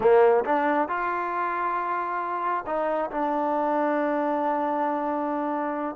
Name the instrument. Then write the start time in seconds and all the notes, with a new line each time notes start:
trombone
0.00 A#3
0.45 D4
0.88 F4
2.66 D#4
3.10 D4